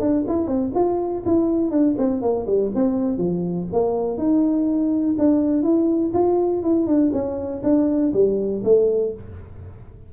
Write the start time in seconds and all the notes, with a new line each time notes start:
0.00 D4
0.27 E4
0.47 C4
0.75 F4
1.25 E4
1.71 D4
1.98 C4
2.22 A#3
2.46 G3
2.75 C4
3.17 F3
3.72 A#3
4.17 D#4
5.18 D4
5.63 E4
6.14 F4
6.63 E4
6.87 D4
7.13 C#4
7.63 D4
8.13 G3
8.64 A3